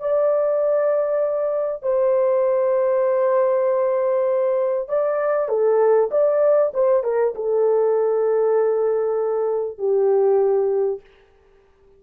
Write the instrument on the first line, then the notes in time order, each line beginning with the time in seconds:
horn
0.00 D5
1.83 C5
4.89 D5
5.49 A4
6.11 D5
6.74 C5
7.04 A#4
7.35 A4
9.78 G4